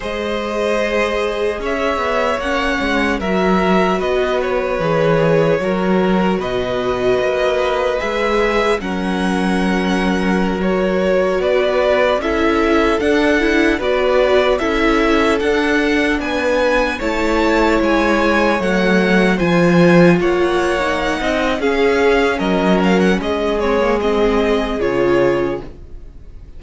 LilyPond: <<
  \new Staff \with { instrumentName = "violin" } { \time 4/4 \tempo 4 = 75 dis''2 e''4 fis''4 | e''4 dis''8 cis''2~ cis''8 | dis''2 e''4 fis''4~ | fis''4~ fis''16 cis''4 d''4 e''8.~ |
e''16 fis''4 d''4 e''4 fis''8.~ | fis''16 gis''4 a''4 gis''4 fis''8.~ | fis''16 gis''4 fis''4.~ fis''16 f''4 | dis''8 f''16 fis''16 dis''8 cis''8 dis''4 cis''4 | }
  \new Staff \with { instrumentName = "violin" } { \time 4/4 c''2 cis''2 | ais'4 b'2 ais'4 | b'2. ais'4~ | ais'2~ ais'16 b'4 a'8.~ |
a'4~ a'16 b'4 a'4.~ a'16~ | a'16 b'4 cis''2~ cis''8.~ | cis''16 c''4 cis''4~ cis''16 dis''8 gis'4 | ais'4 gis'2. | }
  \new Staff \with { instrumentName = "viola" } { \time 4/4 gis'2. cis'4 | fis'2 gis'4 fis'4~ | fis'2 gis'4 cis'4~ | cis'4~ cis'16 fis'2 e'8.~ |
e'16 d'8 e'8 fis'4 e'4 d'8.~ | d'4~ d'16 e'2 a8.~ | a16 f'4.~ f'16 dis'4 cis'4~ | cis'4. c'16 ais16 c'4 f'4 | }
  \new Staff \with { instrumentName = "cello" } { \time 4/4 gis2 cis'8 b8 ais8 gis8 | fis4 b4 e4 fis4 | b,4 ais4 gis4 fis4~ | fis2~ fis16 b4 cis'8.~ |
cis'16 d'4 b4 cis'4 d'8.~ | d'16 b4 a4 gis4 fis8.~ | fis16 f4 ais4~ ais16 c'8 cis'4 | fis4 gis2 cis4 | }
>>